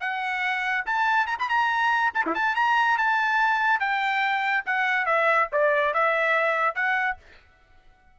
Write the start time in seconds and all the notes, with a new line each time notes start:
0.00 F#5
0.86 A5
1.27 A#5
1.39 B5
1.49 A#5
2.14 A5
2.26 E4
2.35 A5
2.55 A#5
2.98 A5
3.80 G5
4.66 F#5
5.06 E5
5.52 D5
5.94 E5
6.75 F#5